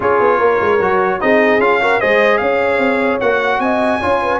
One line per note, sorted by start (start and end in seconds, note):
0.00 0.19 C#4
0.00 0.79 F4
0.00 0.38 G#4
0.00 1.20 C#5
0.19 0.39 B3
0.38 0.59 A#3
0.38 1.18 A#4
0.60 0.80 G#3
0.80 1.20 F#3
0.80 1.20 F#4
1.20 1.58 C4
1.20 1.60 D#4
1.20 1.82 G#4
1.20 1.60 D#5
1.58 1.98 C#4
1.58 1.80 F4
1.58 2.00 F5
1.80 2.00 F#4
1.80 2.00 A#4
2.00 2.40 G#3
2.00 3.21 G#4
2.00 2.40 C5
2.00 2.37 D#5
2.37 2.78 C#4
2.37 3.60 C#5
2.37 3.17 F5
2.78 3.18 C4
3.20 3.59 A#3
3.20 4.01 F#4
3.20 3.60 F#5
3.59 3.99 C4
3.59 4.00 D#5
3.59 4.40 G#5
4.00 4.40 C#4
4.00 4.40 F4
4.00 4.20 C#5
4.22 4.40 B4